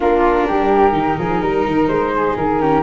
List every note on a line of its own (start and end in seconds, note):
0.00 0.48 A#3
0.00 0.93 D4
0.00 0.47 F4
0.00 1.87 A#4
0.47 0.93 G3
0.47 1.18 G4
0.93 1.16 D#3
0.93 2.58 D#4
1.18 1.42 F3
1.18 1.41 G#4
1.41 1.65 G3
1.41 2.12 A#4
1.66 1.87 D#3
1.87 2.35 G#3
1.87 2.35 C5
2.15 2.61 G#4
2.36 2.82 D#3
2.36 2.82 A#4
2.60 2.82 C#4
2.60 2.82 G4